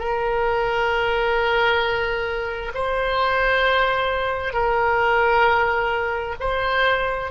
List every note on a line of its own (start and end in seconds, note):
0.00 2.73 A#4
2.75 4.54 C5
4.54 6.36 A#4
6.40 7.31 C5